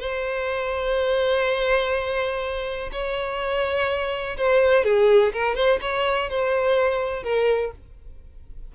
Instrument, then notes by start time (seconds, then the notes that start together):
violin
0.00 C5
2.92 C#5
4.38 C5
4.85 G#4
5.33 A#4
5.56 C5
5.82 C#5
6.30 C5
7.24 A#4